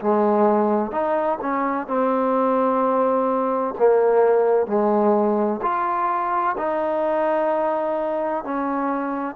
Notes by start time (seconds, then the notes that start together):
0.00 G#3
0.91 D#4
1.41 C#4
1.87 C4
3.78 A#3
4.67 G#3
5.62 F4
6.58 D#4
8.44 C#4